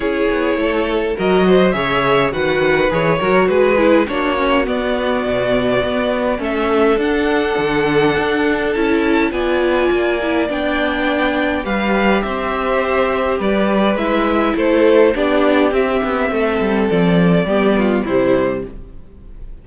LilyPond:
<<
  \new Staff \with { instrumentName = "violin" } { \time 4/4 \tempo 4 = 103 cis''2 dis''4 e''4 | fis''4 cis''4 b'4 cis''4 | d''2. e''4 | fis''2. a''4 |
gis''2 g''2 | f''4 e''2 d''4 | e''4 c''4 d''4 e''4~ | e''4 d''2 c''4 | }
  \new Staff \with { instrumentName = "violin" } { \time 4/4 gis'4 a'4 ais'8 c''8 cis''4 | b'4. ais'8 gis'4 fis'4~ | fis'2. a'4~ | a'1 |
d''1 | b'4 c''2 b'4~ | b'4 a'4 g'2 | a'2 g'8 f'8 e'4 | }
  \new Staff \with { instrumentName = "viola" } { \time 4/4 e'2 fis'4 gis'4 | fis'4 gis'8 fis'4 e'8 d'8 cis'8 | b2. cis'4 | d'2. e'4 |
f'4. e'8 d'2 | g'1 | e'2 d'4 c'4~ | c'2 b4 g4 | }
  \new Staff \with { instrumentName = "cello" } { \time 4/4 cis'8 b8 a4 fis4 cis4 | dis4 e8 fis8 gis4 ais4 | b4 b,4 b4 a4 | d'4 d4 d'4 cis'4 |
b4 ais4 b2 | g4 c'2 g4 | gis4 a4 b4 c'8 b8 | a8 g8 f4 g4 c4 | }
>>